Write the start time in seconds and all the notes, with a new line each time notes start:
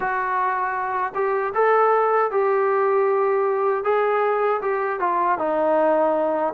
0.00 F#4
1.14 G4
1.54 A4
2.31 G4
3.84 G#4
4.61 G4
4.99 F4
5.38 D#4